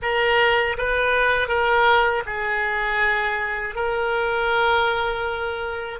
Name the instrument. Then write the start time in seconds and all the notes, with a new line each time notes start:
oboe
0.01 A#4
0.77 B4
1.48 A#4
2.25 G#4
3.75 A#4